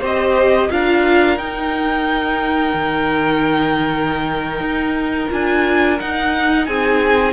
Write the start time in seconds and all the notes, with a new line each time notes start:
0.00 C4 G4 C5 D#5
0.70 D4 F4 A#4 F5
1.37 D#4 G5
2.73 D#3
4.60 D#4
5.29 D4 F4 G#5
5.99 D#4 F#5
6.66 C4 G#4 G#5